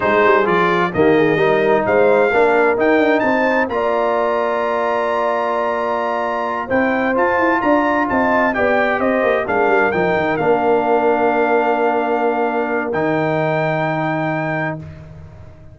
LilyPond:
<<
  \new Staff \with { instrumentName = "trumpet" } { \time 4/4 \tempo 4 = 130 c''4 d''4 dis''2 | f''2 g''4 a''4 | ais''1~ | ais''2~ ais''8 g''4 a''8~ |
a''8 ais''4 a''4 g''4 dis''8~ | dis''8 f''4 g''4 f''4.~ | f''1 | g''1 | }
  \new Staff \with { instrumentName = "horn" } { \time 4/4 gis'2 g'8 gis'8 ais'4 | c''4 ais'2 c''4 | d''1~ | d''2~ d''8 c''4.~ |
c''8 d''4 dis''4 d''4 c''8~ | c''8 ais'2.~ ais'8~ | ais'1~ | ais'1 | }
  \new Staff \with { instrumentName = "trombone" } { \time 4/4 dis'4 f'4 ais4 dis'4~ | dis'4 d'4 dis'2 | f'1~ | f'2~ f'8 e'4 f'8~ |
f'2~ f'8 g'4.~ | g'8 d'4 dis'4 d'4.~ | d'1 | dis'1 | }
  \new Staff \with { instrumentName = "tuba" } { \time 4/4 gis8 g8 f4 dis4 g4 | gis4 ais4 dis'8 d'8 c'4 | ais1~ | ais2~ ais8 c'4 f'8 |
e'8 d'4 c'4 b4 c'8 | ais8 gis8 g8 f8 dis8 ais4.~ | ais1 | dis1 | }
>>